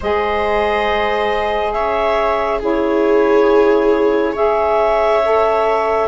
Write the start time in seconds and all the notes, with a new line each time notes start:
0.00 G#3 G#4 C5 D#5
1.72 C#4 C#5 E5
2.59 E4 G#4 C#5
4.32 G#4 C#5 E5
5.25 A4